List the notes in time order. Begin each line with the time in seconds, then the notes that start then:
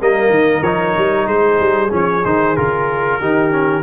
0.00 G3 A#3 A#4 D#5
0.30 D#3
0.63 F3 D#4 C#5
0.97 G3
1.27 G#3 G#4 C5
1.60 G3
1.90 F3 C#4 C#5
2.25 D#3 D#4 C5
2.57 C#3 F4 A#4
3.20 D#3 D#4 G4
3.51 C#4